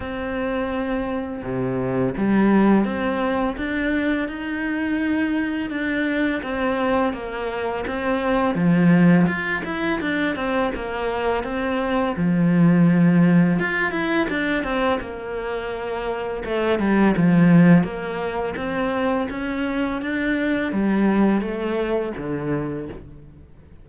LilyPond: \new Staff \with { instrumentName = "cello" } { \time 4/4 \tempo 4 = 84 c'2 c4 g4 | c'4 d'4 dis'2 | d'4 c'4 ais4 c'4 | f4 f'8 e'8 d'8 c'8 ais4 |
c'4 f2 f'8 e'8 | d'8 c'8 ais2 a8 g8 | f4 ais4 c'4 cis'4 | d'4 g4 a4 d4 | }